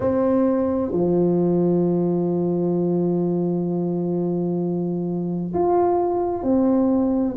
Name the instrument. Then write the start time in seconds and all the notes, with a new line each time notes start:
tuba
0.00 C4
0.91 F3
5.53 F4
6.42 C4